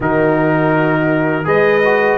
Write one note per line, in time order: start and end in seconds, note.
0.00 1.45 D#3
0.00 1.44 D#4
0.00 1.46 F#4
0.00 1.47 A#4
1.44 2.18 G#3
1.44 1.80 G#4
1.44 2.18 B4
1.44 2.18 D#5
1.84 2.18 F#4